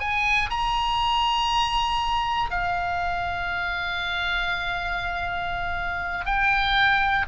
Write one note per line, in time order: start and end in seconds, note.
0.00 0.50 G#5
0.50 2.50 A#5
2.51 6.26 F5
6.26 7.26 G5